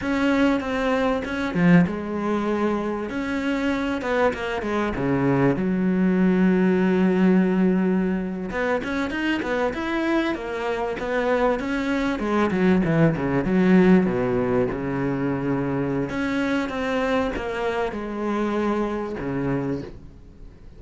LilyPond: \new Staff \with { instrumentName = "cello" } { \time 4/4 \tempo 4 = 97 cis'4 c'4 cis'8 f8 gis4~ | gis4 cis'4. b8 ais8 gis8 | cis4 fis2.~ | fis4.~ fis16 b8 cis'8 dis'8 b8 e'16~ |
e'8. ais4 b4 cis'4 gis16~ | gis16 fis8 e8 cis8 fis4 b,4 cis16~ | cis2 cis'4 c'4 | ais4 gis2 cis4 | }